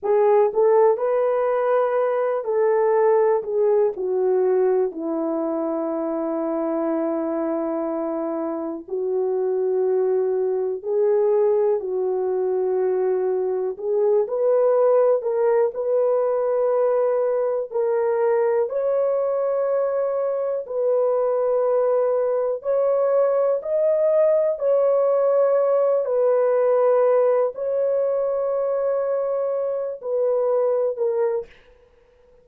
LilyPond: \new Staff \with { instrumentName = "horn" } { \time 4/4 \tempo 4 = 61 gis'8 a'8 b'4. a'4 gis'8 | fis'4 e'2.~ | e'4 fis'2 gis'4 | fis'2 gis'8 b'4 ais'8 |
b'2 ais'4 cis''4~ | cis''4 b'2 cis''4 | dis''4 cis''4. b'4. | cis''2~ cis''8 b'4 ais'8 | }